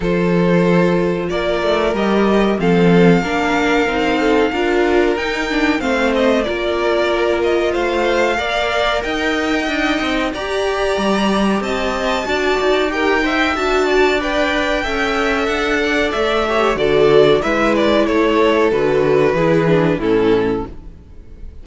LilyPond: <<
  \new Staff \with { instrumentName = "violin" } { \time 4/4 \tempo 4 = 93 c''2 d''4 dis''4 | f''1 | g''4 f''8 dis''8 d''4. dis''8 | f''2 g''2 |
ais''2 a''2 | g''4 a''4 g''2 | fis''4 e''4 d''4 e''8 d''8 | cis''4 b'2 a'4 | }
  \new Staff \with { instrumentName = "violin" } { \time 4/4 a'2 ais'2 | a'4 ais'4. a'8 ais'4~ | ais'4 c''4 ais'2 | c''4 d''4 dis''2 |
d''2 dis''4 d''4 | ais'8 e''4 d''4. e''4~ | e''8 d''4 cis''8 a'4 b'4 | a'2 gis'4 e'4 | }
  \new Staff \with { instrumentName = "viola" } { \time 4/4 f'2. g'4 | c'4 d'4 dis'4 f'4 | dis'8 d'8 c'4 f'2~ | f'4 ais'2 dis'4 |
g'2. fis'4 | g'8 c''8 fis'4 b'4 a'4~ | a'4. g'8 fis'4 e'4~ | e'4 fis'4 e'8 d'8 cis'4 | }
  \new Staff \with { instrumentName = "cello" } { \time 4/4 f2 ais8 a8 g4 | f4 ais4 c'4 d'4 | dis'4 a4 ais2 | a4 ais4 dis'4 d'8 c'8 |
g'4 g4 c'4 d'8 dis'8~ | dis'4 d'2 cis'4 | d'4 a4 d4 gis4 | a4 d4 e4 a,4 | }
>>